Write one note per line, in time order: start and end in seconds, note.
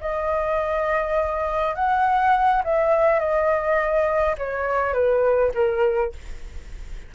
0.00 1.75 D#5
1.75 2.62 F#5
2.64 3.19 E5
3.19 4.36 D#5
4.37 4.93 C#5
4.93 5.51 B4
5.54 6.12 A#4